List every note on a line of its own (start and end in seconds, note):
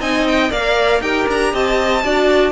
0.00 0.51 C4
0.00 0.51 D#4
0.00 0.50 D#5
0.00 0.27 G#5
0.27 0.52 G5
0.50 1.01 A#3
0.50 1.01 A#4
0.50 1.01 D5
0.50 1.01 F5
1.01 1.26 D#4
1.01 2.03 G4
1.01 1.53 A#4
1.01 1.27 G5
1.28 1.53 D4
1.28 1.55 A#5
1.53 2.04 C4
1.53 2.04 D#5
1.53 2.52 A5
2.04 2.52 D4
2.04 2.52 F#4
2.04 2.52 D5